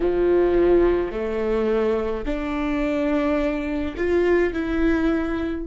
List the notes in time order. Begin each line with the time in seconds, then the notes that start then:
0.00 F3
1.11 A3
2.25 D4
3.96 F4
4.53 E4